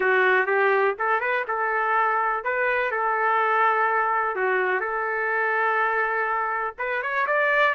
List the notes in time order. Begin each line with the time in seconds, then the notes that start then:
0.00 F#4
0.46 G4
0.99 A4
1.20 B4
1.47 A4
2.44 B4
2.91 A4
4.35 F#4
4.80 A4
6.78 B4
7.02 C#5
7.26 D5